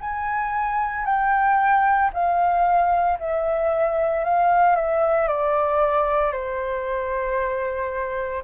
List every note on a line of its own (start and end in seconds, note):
0.00 1.05 G#5
1.05 2.10 G5
2.13 3.18 F5
3.19 4.24 E5
4.24 4.75 F5
4.75 5.27 E5
5.27 6.33 D5
6.33 8.43 C5